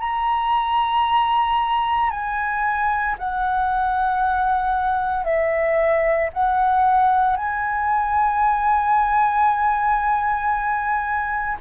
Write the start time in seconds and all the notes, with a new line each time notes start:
0.00 A#5
2.11 G#5
3.19 F#5
5.25 E5
6.33 F#5
7.37 G#5